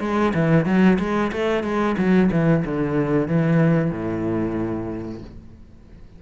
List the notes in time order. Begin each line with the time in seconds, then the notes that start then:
0.00 G#3
0.34 E3
0.65 F#3
0.98 G#3
1.32 A3
1.63 G#3
1.97 F#3
2.31 E3
2.65 D3
3.27 E3
3.91 A2